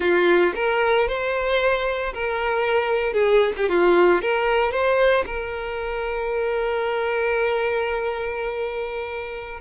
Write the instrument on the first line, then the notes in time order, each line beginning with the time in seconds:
violin
0.00 F4
0.55 A#4
1.07 C5
2.13 A#4
3.13 G#4
3.56 G4
3.68 F4
4.21 A#4
4.71 C5
5.25 A#4